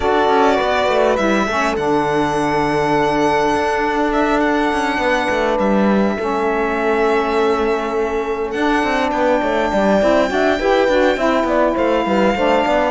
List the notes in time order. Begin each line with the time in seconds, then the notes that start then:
0.00 D4 F#4 A4 D5
0.29 C#4
0.56 B3 B4
0.88 A3
1.16 G3 E4 E5
1.46 A3 C#4 A4
1.76 D3 D4 F#5
3.54 D4
4.12 E5
4.40 F#5
4.72 C#4
4.98 B3 B4
5.30 A3
5.58 G3 E5
6.16 A3 C#4 A4
8.50 D4 F#5
8.83 C4
9.10 B3 B4 G5
9.41 A3 C#5
9.71 G3 D5
10.00 C4 E4
10.27 D4 F#4 E5
10.59 E4 G4 B4
10.88 D4 F#4
11.16 C4 E4 E5
11.43 B3 D5
11.75 A3 C5 F5
12.05 G3 B4
12.35 A3 D4 C5
12.65 B3 D5